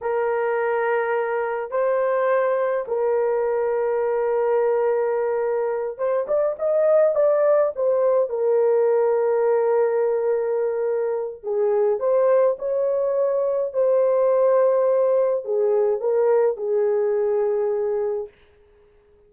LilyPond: \new Staff \with { instrumentName = "horn" } { \time 4/4 \tempo 4 = 105 ais'2. c''4~ | c''4 ais'2.~ | ais'2~ ais'8 c''8 d''8 dis''8~ | dis''8 d''4 c''4 ais'4.~ |
ais'1 | gis'4 c''4 cis''2 | c''2. gis'4 | ais'4 gis'2. | }